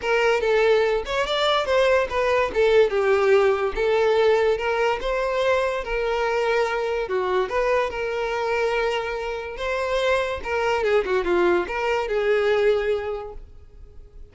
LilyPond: \new Staff \with { instrumentName = "violin" } { \time 4/4 \tempo 4 = 144 ais'4 a'4. cis''8 d''4 | c''4 b'4 a'4 g'4~ | g'4 a'2 ais'4 | c''2 ais'2~ |
ais'4 fis'4 b'4 ais'4~ | ais'2. c''4~ | c''4 ais'4 gis'8 fis'8 f'4 | ais'4 gis'2. | }